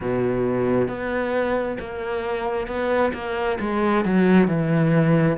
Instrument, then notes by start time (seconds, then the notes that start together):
cello
0.00 B2
0.88 B3
1.79 A#3
2.67 B3
3.13 A#3
3.59 G#3
4.04 F#3
4.47 E3